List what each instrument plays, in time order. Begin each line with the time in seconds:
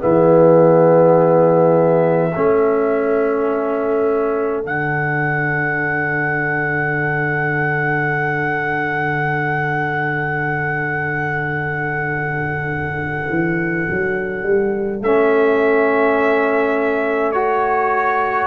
0.00 tuba E3, trombone B3, horn G#4, trumpet E5
2.36 tuba A3, trombone C#4, horn A4
4.63 tuba D3, trombone D4, trumpet F#5
13.30 tuba E3
13.90 tuba F#3
14.43 tuba G3
15.01 tuba A3, trombone C#4, trumpet E5
17.32 trombone F#4, trumpet C#5